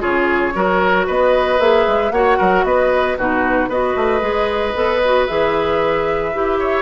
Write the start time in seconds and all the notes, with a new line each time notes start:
0.00 C#3 F4 G#4 C#5
0.55 F#3 F#4 A#4
1.07 B3 B4 D#5
1.59 A#3 G#4 E5
1.87 G#3
2.11 A#3 F#4 C#5 F#5
2.38 F#3 A#4
2.64 B3 B4 D#5
3.17 B2 D#4 F#4 B4
3.68 B3 F#4 B4 D#5
3.96 A3
4.20 G#3 G#4
4.75 B3 A4
5.04 F#4
5.26 E3 G#4 E5
6.33 E4 G4
6.59 C#5